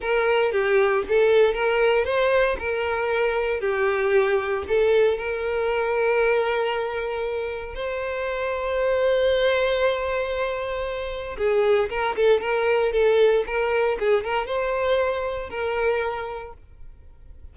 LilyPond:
\new Staff \with { instrumentName = "violin" } { \time 4/4 \tempo 4 = 116 ais'4 g'4 a'4 ais'4 | c''4 ais'2 g'4~ | g'4 a'4 ais'2~ | ais'2. c''4~ |
c''1~ | c''2 gis'4 ais'8 a'8 | ais'4 a'4 ais'4 gis'8 ais'8 | c''2 ais'2 | }